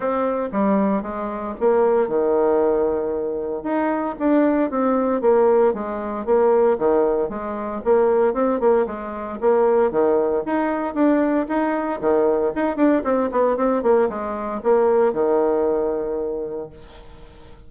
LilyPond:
\new Staff \with { instrumentName = "bassoon" } { \time 4/4 \tempo 4 = 115 c'4 g4 gis4 ais4 | dis2. dis'4 | d'4 c'4 ais4 gis4 | ais4 dis4 gis4 ais4 |
c'8 ais8 gis4 ais4 dis4 | dis'4 d'4 dis'4 dis4 | dis'8 d'8 c'8 b8 c'8 ais8 gis4 | ais4 dis2. | }